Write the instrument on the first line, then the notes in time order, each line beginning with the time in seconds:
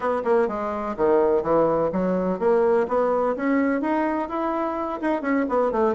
bassoon
0.00 B3
0.24 A#3
0.48 G#3
0.97 D#3
1.42 E3
1.92 F#3
2.39 A#3
2.88 B3
3.36 C#4
3.81 D#4
4.29 E4
5.01 D#4
5.21 C#4
5.48 B3
5.71 A3